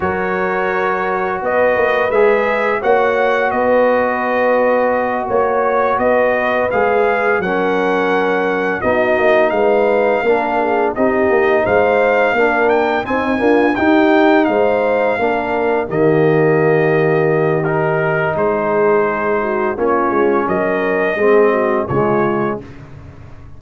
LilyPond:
<<
  \new Staff \with { instrumentName = "trumpet" } { \time 4/4 \tempo 4 = 85 cis''2 dis''4 e''4 | fis''4 dis''2~ dis''8 cis''8~ | cis''8 dis''4 f''4 fis''4.~ | fis''8 dis''4 f''2 dis''8~ |
dis''8 f''4. g''8 gis''4 g''8~ | g''8 f''2 dis''4.~ | dis''4 ais'4 c''2 | cis''4 dis''2 cis''4 | }
  \new Staff \with { instrumentName = "horn" } { \time 4/4 ais'2 b'2 | cis''4 b'2~ b'8 cis''8~ | cis''8 b'2 ais'4.~ | ais'8 fis'4 b'4 ais'8 gis'8 g'8~ |
g'8 c''4 ais'4 dis'8 f'8 g'8~ | g'8 c''4 ais'4 g'4.~ | g'2 gis'4. fis'8 | f'4 ais'4 gis'8 fis'8 f'4 | }
  \new Staff \with { instrumentName = "trombone" } { \time 4/4 fis'2. gis'4 | fis'1~ | fis'4. gis'4 cis'4.~ | cis'8 dis'2 d'4 dis'8~ |
dis'4. d'4 c'8 ais8 dis'8~ | dis'4. d'4 ais4.~ | ais4 dis'2. | cis'2 c'4 gis4 | }
  \new Staff \with { instrumentName = "tuba" } { \time 4/4 fis2 b8 ais8 gis4 | ais4 b2~ b8 ais8~ | ais8 b4 gis4 fis4.~ | fis8 b8 ais8 gis4 ais4 c'8 |
ais8 gis4 ais4 c'8 d'8 dis'8~ | dis'8 gis4 ais4 dis4.~ | dis2 gis2 | ais8 gis8 fis4 gis4 cis4 | }
>>